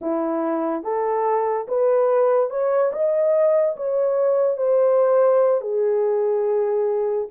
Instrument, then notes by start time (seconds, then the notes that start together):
horn
0.01 E4
0.83 A4
1.67 B4
2.50 C#5
2.92 D#5
3.76 C#5
4.57 C5
5.61 G#4